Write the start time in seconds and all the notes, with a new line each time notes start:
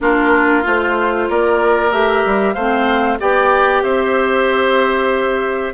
0.01 A#3 D4 F4 A#4
0.62 A3 F4 C5
1.29 A#3 A#4 D5
1.91 A3 G4 E5
2.25 G3
2.53 A3 C4 C5 F5
3.19 B3 G4 D5 G5
3.83 C4 C5 E5